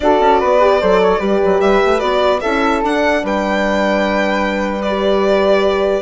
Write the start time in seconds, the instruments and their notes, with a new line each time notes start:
0.00 bassoon D4, horn F#4, flute A4, violin D5
0.19 bassoon C#4
0.40 bassoon B3, flute B4
0.60 horn G4
0.80 bassoon F#3, horn A4, flute C5
1.01 flute C#5
1.19 bassoon G3, horn G4, flute B4
1.44 bassoon F#3
1.60 bassoon G3, violin E5
1.85 bassoon A3
1.99 bassoon B3, horn F#4, violin D5
2.40 bassoon C#4, horn E4, flute A4, violin E5
2.82 horn D4, bassoon D4, violin F#5
3.23 bassoon G3, flute B4, violin G5
4.81 horn G4, violin D5